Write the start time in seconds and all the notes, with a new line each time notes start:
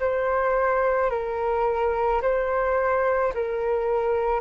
0.00 C5
1.10 A#4
2.22 C5
3.34 A#4